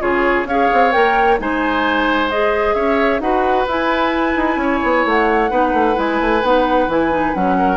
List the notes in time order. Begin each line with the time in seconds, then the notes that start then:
0.00 C#3 F4 G#4 C#5
0.45 C#4 G#4 C#5 F5
0.73 C4
0.92 A#3 A#4 G5
1.40 G#3 D#4 C5 G#5
2.30 G#4 D#5
2.75 C#4 C#5 E5
3.20 D#4 F#4 B4 F#5
3.68 E4 G#5
4.36 D#4
4.57 C#4 C#5
4.84 B3
5.06 A3 F#5
5.51 B3 D#4 B4
5.74 A3
5.95 G#3 E4 G#5
6.22 A3
6.43 B3 D#4 F#5
6.88 E3 E4 G#5
7.12 D#4
7.35 F#3 C#4 F#5
7.59 A#4